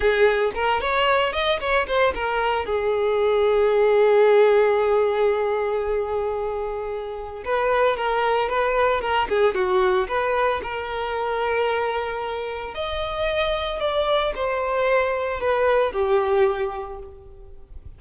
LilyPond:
\new Staff \with { instrumentName = "violin" } { \time 4/4 \tempo 4 = 113 gis'4 ais'8 cis''4 dis''8 cis''8 c''8 | ais'4 gis'2.~ | gis'1~ | gis'2 b'4 ais'4 |
b'4 ais'8 gis'8 fis'4 b'4 | ais'1 | dis''2 d''4 c''4~ | c''4 b'4 g'2 | }